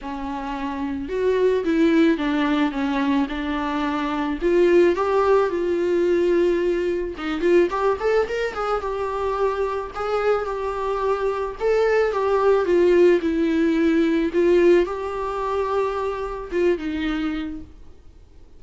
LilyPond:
\new Staff \with { instrumentName = "viola" } { \time 4/4 \tempo 4 = 109 cis'2 fis'4 e'4 | d'4 cis'4 d'2 | f'4 g'4 f'2~ | f'4 dis'8 f'8 g'8 a'8 ais'8 gis'8 |
g'2 gis'4 g'4~ | g'4 a'4 g'4 f'4 | e'2 f'4 g'4~ | g'2 f'8 dis'4. | }